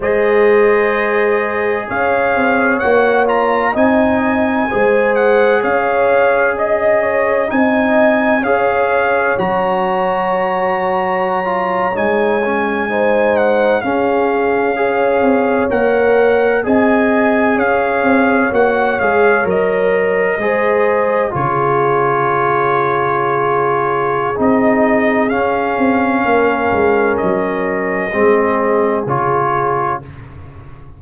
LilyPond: <<
  \new Staff \with { instrumentName = "trumpet" } { \time 4/4 \tempo 4 = 64 dis''2 f''4 fis''8 ais''8 | gis''4. fis''8 f''4 dis''4 | gis''4 f''4 ais''2~ | ais''8. gis''4. fis''8 f''4~ f''16~ |
f''8. fis''4 gis''4 f''4 fis''16~ | fis''16 f''8 dis''2 cis''4~ cis''16~ | cis''2 dis''4 f''4~ | f''4 dis''2 cis''4 | }
  \new Staff \with { instrumentName = "horn" } { \time 4/4 c''2 cis''2 | dis''4 c''4 cis''4 dis''8 cis''8 | dis''4 cis''2.~ | cis''4.~ cis''16 c''4 gis'4 cis''16~ |
cis''4.~ cis''16 dis''4 cis''4~ cis''16~ | cis''4.~ cis''16 c''4 gis'4~ gis'16~ | gis'1 | ais'2 gis'2 | }
  \new Staff \with { instrumentName = "trombone" } { \time 4/4 gis'2. fis'8 f'8 | dis'4 gis'2. | dis'4 gis'4 fis'2~ | fis'16 f'8 dis'8 cis'8 dis'4 cis'4 gis'16~ |
gis'8. ais'4 gis'2 fis'16~ | fis'16 gis'8 ais'4 gis'4 f'4~ f'16~ | f'2 dis'4 cis'4~ | cis'2 c'4 f'4 | }
  \new Staff \with { instrumentName = "tuba" } { \time 4/4 gis2 cis'8 c'8 ais4 | c'4 gis4 cis'2 | c'4 cis'4 fis2~ | fis8. gis2 cis'4~ cis'16~ |
cis'16 c'8 ais4 c'4 cis'8 c'8 ais16~ | ais16 gis8 fis4 gis4 cis4~ cis16~ | cis2 c'4 cis'8 c'8 | ais8 gis8 fis4 gis4 cis4 | }
>>